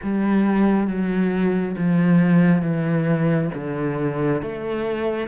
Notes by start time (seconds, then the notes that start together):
0.02 G3
0.87 F#3
1.76 F3
2.61 E3
3.54 D3
4.42 A3